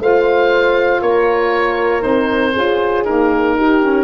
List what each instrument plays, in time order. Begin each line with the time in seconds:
0.00 tuba A3, saxophone F4, horn C5, oboe F5
1.01 tuba A#3, horn A#4, oboe C#5
2.00 tuba C4, saxophone D#4, oboe C5
2.54 tuba C#4, saxophone F4, horn G#4
3.05 saxophone A#3, tuba D#4, oboe A#4
3.57 saxophone D#4, horn G4
3.83 saxophone C#4